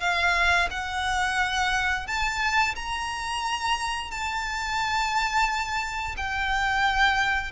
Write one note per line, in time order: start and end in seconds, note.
0.00 0.68 F5
0.70 2.07 F#5
2.07 2.75 A5
2.75 4.11 A#5
4.11 6.15 A5
6.17 7.51 G5